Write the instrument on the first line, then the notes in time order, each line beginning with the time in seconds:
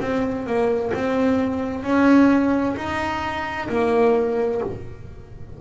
double bass
0.00 C4
0.46 A#3
0.94 C4
1.83 C#4
2.76 D#4
3.68 A#3